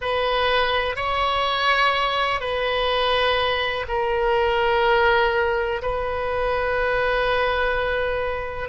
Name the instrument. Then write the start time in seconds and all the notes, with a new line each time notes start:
oboe
0.00 B4
0.95 C#5
2.40 B4
3.88 A#4
5.82 B4